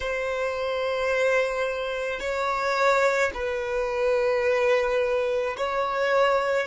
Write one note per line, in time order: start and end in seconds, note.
0.00 2.20 C5
2.20 3.31 C#5
3.34 5.56 B4
5.57 6.66 C#5